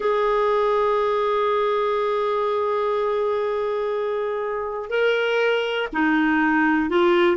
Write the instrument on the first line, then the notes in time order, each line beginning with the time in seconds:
clarinet
0.00 G#4
4.89 A#4
5.92 D#4
6.89 F4